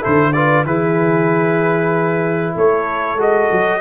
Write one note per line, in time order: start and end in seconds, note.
0.00 0.64 D3
0.00 0.32 E4
0.00 0.32 A4
0.00 0.32 C5
0.32 0.66 F4
0.32 0.66 B4
0.32 0.64 D5
0.64 2.54 E3
0.64 3.18 E4
0.64 2.54 G#4
0.64 2.56 B4
2.54 3.16 A3
2.54 3.80 A4
2.54 3.21 C#5
3.16 3.48 G#3
3.16 3.80 F#4
3.16 3.80 D#5
3.51 3.80 F#3